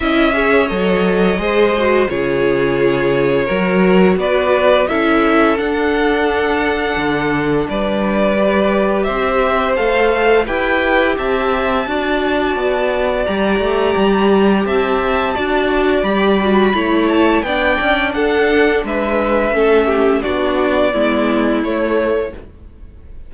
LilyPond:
<<
  \new Staff \with { instrumentName = "violin" } { \time 4/4 \tempo 4 = 86 e''4 dis''2 cis''4~ | cis''2 d''4 e''4 | fis''2. d''4~ | d''4 e''4 f''4 g''4 |
a''2. ais''4~ | ais''4 a''2 b''4~ | b''8 a''8 g''4 fis''4 e''4~ | e''4 d''2 cis''4 | }
  \new Staff \with { instrumentName = "violin" } { \time 4/4 dis''8 cis''4. c''4 gis'4~ | gis'4 ais'4 b'4 a'4~ | a'2. b'4~ | b'4 c''2 b'4 |
e''4 d''2.~ | d''4 e''4 d''2 | cis''4 d''4 a'4 b'4 | a'8 g'8 fis'4 e'2 | }
  \new Staff \with { instrumentName = "viola" } { \time 4/4 e'8 gis'8 a'4 gis'8 fis'8 f'4~ | f'4 fis'2 e'4 | d'1 | g'2 a'4 g'4~ |
g'4 fis'2 g'4~ | g'2 fis'4 g'8 fis'8 | e'4 d'2. | cis'4 d'4 b4 a4 | }
  \new Staff \with { instrumentName = "cello" } { \time 4/4 cis'4 fis4 gis4 cis4~ | cis4 fis4 b4 cis'4 | d'2 d4 g4~ | g4 c'4 a4 e'4 |
c'4 d'4 b4 g8 a8 | g4 c'4 d'4 g4 | a4 b8 cis'8 d'4 gis4 | a4 b4 gis4 a4 | }
>>